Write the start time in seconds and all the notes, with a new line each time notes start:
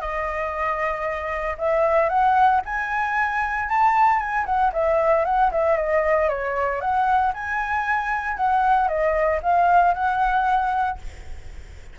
0.00 D#5
1.57 E5
2.09 F#5
2.65 G#5
3.68 A5
4.19 G#5
4.45 F#5
4.72 E5
5.24 F#5
5.51 E5
5.76 D#5
6.28 C#5
6.80 F#5
7.33 G#5
8.36 F#5
8.87 D#5
9.42 F5
9.94 F#5